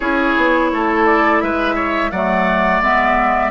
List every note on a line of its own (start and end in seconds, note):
0.00 0.36 C#4
0.00 2.12 E4
0.00 0.71 G#4
0.00 1.06 C#5
0.36 0.71 B3
0.71 1.42 A3
0.71 1.42 A4
1.06 1.41 D5
1.41 2.11 G#3
1.41 1.75 B4
1.41 2.11 E5
1.75 2.10 C#5
2.11 2.80 F#3
2.11 2.82 A3
2.11 3.50 D5
2.11 2.81 F#5
2.80 3.50 G#3
2.80 3.50 B3
2.80 3.50 E5